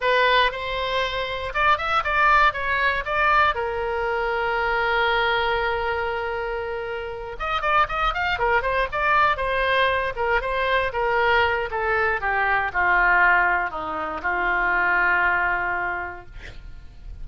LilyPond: \new Staff \with { instrumentName = "oboe" } { \time 4/4 \tempo 4 = 118 b'4 c''2 d''8 e''8 | d''4 cis''4 d''4 ais'4~ | ais'1~ | ais'2~ ais'8 dis''8 d''8 dis''8 |
f''8 ais'8 c''8 d''4 c''4. | ais'8 c''4 ais'4. a'4 | g'4 f'2 dis'4 | f'1 | }